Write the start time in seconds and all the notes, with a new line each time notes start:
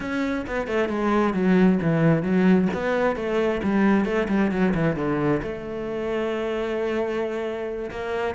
0.00 C#4
0.46 B3
0.67 A3
0.88 G#3
1.33 F#3
1.82 E3
2.22 F#3
2.73 B3
3.16 A3
3.63 G3
4.05 A3
4.28 G3
4.51 F#3
4.74 E3
4.96 D3
5.42 A3
7.90 A#3